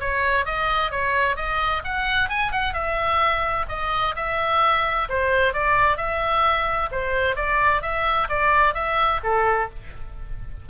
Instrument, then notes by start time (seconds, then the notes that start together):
oboe
0.00 C#5
0.45 D#5
0.91 C#5
1.36 D#5
1.84 F#5
2.29 G#5
2.52 F#5
2.73 E5
3.69 D#5
4.16 E5
5.09 C5
5.53 D5
5.97 E5
6.91 C5
7.36 D5
7.81 E5
8.29 D5
8.74 E5
9.23 A4